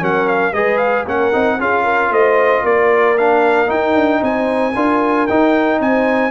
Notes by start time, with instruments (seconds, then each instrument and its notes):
0.00 tuba F#3, trombone C#4, horn A#4, trumpet F#5
0.28 trumpet F5
0.52 tuba G#3, trombone G#4, horn B4, trumpet D#5
0.78 trumpet F5
1.04 tuba A#3, trombone C#4, horn A#4, trumpet F#5
1.33 tuba C4, trombone D#4
1.59 tuba C#4, trombone F4, horn G#4, trumpet F5
1.84 horn A#4
2.10 tuba A3, horn C5, trumpet D#5
2.63 tuba A#3, horn A#4, trumpet D5
3.18 trombone D4, trumpet F5
3.67 trombone D#4, tuba D#4, trumpet G5
3.95 tuba D4
4.22 tuba C4, horn C5, trumpet G#5
4.75 tuba D4, trombone F4, horn A#4
5.27 tuba D#4, trombone D#4, trumpet G5
5.80 tuba C4, horn C5, trumpet G#5